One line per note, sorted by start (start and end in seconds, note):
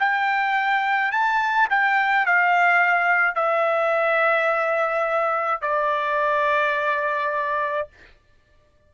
0.00 1.12 G5
1.12 1.69 A5
1.70 2.26 G5
2.26 3.36 F5
3.36 5.62 E5
5.62 7.88 D5